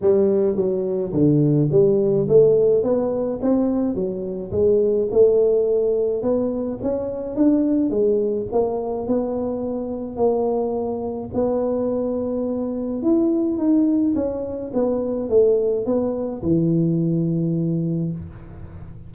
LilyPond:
\new Staff \with { instrumentName = "tuba" } { \time 4/4 \tempo 4 = 106 g4 fis4 d4 g4 | a4 b4 c'4 fis4 | gis4 a2 b4 | cis'4 d'4 gis4 ais4 |
b2 ais2 | b2. e'4 | dis'4 cis'4 b4 a4 | b4 e2. | }